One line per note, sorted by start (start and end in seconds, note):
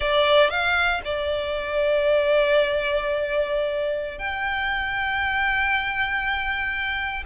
0.00 0.50 D5
0.50 1.01 F5
1.04 4.18 D5
4.18 7.23 G5